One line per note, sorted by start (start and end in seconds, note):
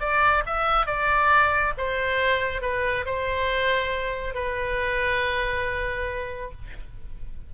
0.00 0.43 D5
0.46 0.86 E5
0.86 1.73 D5
1.78 2.62 C5
2.62 3.05 B4
3.06 4.34 C5
4.34 6.52 B4